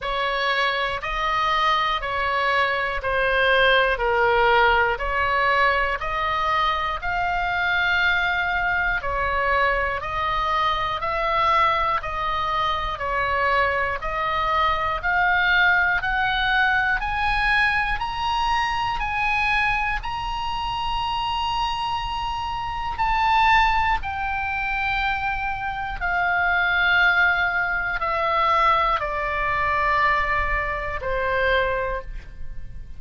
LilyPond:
\new Staff \with { instrumentName = "oboe" } { \time 4/4 \tempo 4 = 60 cis''4 dis''4 cis''4 c''4 | ais'4 cis''4 dis''4 f''4~ | f''4 cis''4 dis''4 e''4 | dis''4 cis''4 dis''4 f''4 |
fis''4 gis''4 ais''4 gis''4 | ais''2. a''4 | g''2 f''2 | e''4 d''2 c''4 | }